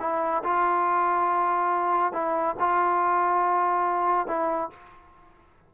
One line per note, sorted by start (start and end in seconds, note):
0.00 0.43 E4
0.44 2.13 F4
2.13 2.56 E4
2.60 4.27 F4
4.27 4.70 E4